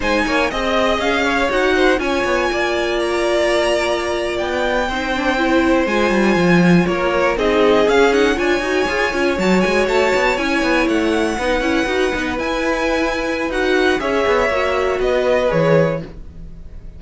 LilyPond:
<<
  \new Staff \with { instrumentName = "violin" } { \time 4/4 \tempo 4 = 120 gis''4 dis''4 f''4 fis''4 | gis''2 ais''2~ | ais''8. g''2. gis''16~ | gis''4.~ gis''16 cis''4 dis''4 f''16~ |
f''16 fis''8 gis''2 a''8 gis''8 a''16~ | a''8. gis''4 fis''2~ fis''16~ | fis''8. gis''2~ gis''16 fis''4 | e''2 dis''4 cis''4 | }
  \new Staff \with { instrumentName = "violin" } { \time 4/4 c''8 cis''8 dis''4. cis''4 c''8 | cis''4 d''2.~ | d''4.~ d''16 c''2~ c''16~ | c''4.~ c''16 ais'4 gis'4~ gis'16~ |
gis'8. cis''2.~ cis''16~ | cis''2~ cis''8. b'4~ b'16~ | b'1 | cis''2 b'2 | }
  \new Staff \with { instrumentName = "viola" } { \time 4/4 dis'4 gis'2 fis'4 | f'1~ | f'4.~ f'16 dis'8 d'8 e'4 f'16~ | f'2~ f'8. dis'4 cis'16~ |
cis'16 dis'8 f'8 fis'8 gis'8 f'8 fis'4~ fis'16~ | fis'8. e'2 dis'8 e'8 fis'16~ | fis'16 dis'8 e'2~ e'16 fis'4 | gis'4 fis'2 gis'4 | }
  \new Staff \with { instrumentName = "cello" } { \time 4/4 gis8 ais8 c'4 cis'4 dis'4 | cis'8 b8 ais2.~ | ais8. b4 c'2 gis16~ | gis16 g8 f4 ais4 c'4 cis'16~ |
cis'8. d'8 dis'8 f'8 cis'8 fis8 gis8 a16~ | a16 b8 cis'8 b8 a4 b8 cis'8 dis'16~ | dis'16 b8 e'2~ e'16 dis'4 | cis'8 b8 ais4 b4 e4 | }
>>